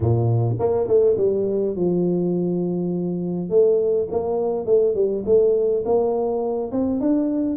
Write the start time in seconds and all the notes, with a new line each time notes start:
0.00 A#2
0.59 A#3
0.87 A3
1.17 G3
1.75 F3
3.49 A3
4.10 A#3
4.66 A3
4.95 G3
5.25 A3
5.85 A#3
6.71 C4
7.00 D4